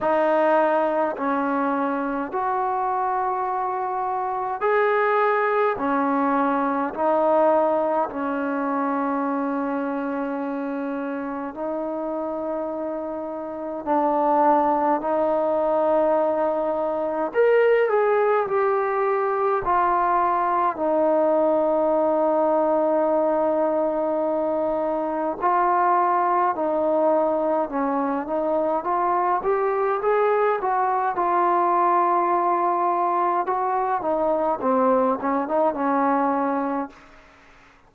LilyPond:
\new Staff \with { instrumentName = "trombone" } { \time 4/4 \tempo 4 = 52 dis'4 cis'4 fis'2 | gis'4 cis'4 dis'4 cis'4~ | cis'2 dis'2 | d'4 dis'2 ais'8 gis'8 |
g'4 f'4 dis'2~ | dis'2 f'4 dis'4 | cis'8 dis'8 f'8 g'8 gis'8 fis'8 f'4~ | f'4 fis'8 dis'8 c'8 cis'16 dis'16 cis'4 | }